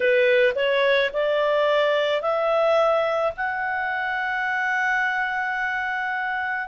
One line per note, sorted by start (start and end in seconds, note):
0.00 0.53 B4
0.55 1.10 C#5
1.13 2.21 D5
2.21 3.32 E5
3.36 6.68 F#5